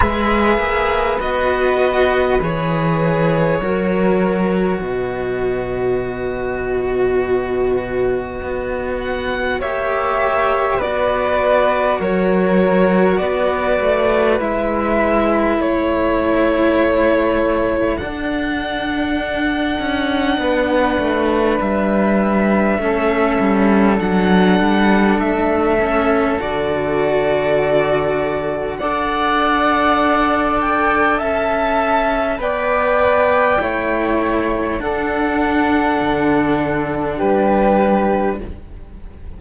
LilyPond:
<<
  \new Staff \with { instrumentName = "violin" } { \time 4/4 \tempo 4 = 50 e''4 dis''4 cis''2 | dis''2.~ dis''8 fis''8 | e''4 d''4 cis''4 d''4 | e''4 cis''2 fis''4~ |
fis''2 e''2 | fis''4 e''4 d''2 | fis''4. g''8 a''4 g''4~ | g''4 fis''2 b'4 | }
  \new Staff \with { instrumentName = "flute" } { \time 4/4 b'2. ais'4 | b'1 | cis''4 b'4 ais'4 b'4~ | b'4 a'2.~ |
a'4 b'2 a'4~ | a'1 | d''2 e''4 d''4 | cis''4 a'2 g'4 | }
  \new Staff \with { instrumentName = "cello" } { \time 4/4 gis'4 fis'4 gis'4 fis'4~ | fis'1 | g'4 fis'2. | e'2. d'4~ |
d'2. cis'4 | d'4. cis'8 fis'2 | a'2. b'4 | e'4 d'2. | }
  \new Staff \with { instrumentName = "cello" } { \time 4/4 gis8 ais8 b4 e4 fis4 | b,2. b4 | ais4 b4 fis4 b8 a8 | gis4 a2 d'4~ |
d'8 cis'8 b8 a8 g4 a8 g8 | fis8 g8 a4 d2 | d'2 cis'4 b4 | a4 d'4 d4 g4 | }
>>